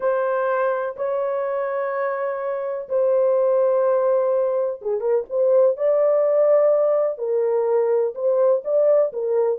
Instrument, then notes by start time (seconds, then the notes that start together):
horn
0.00 C5
0.96 C#5
2.88 C5
4.81 G#4
5.00 A#4
5.29 C5
5.76 D5
7.17 A#4
8.14 C5
8.64 D5
9.12 A#4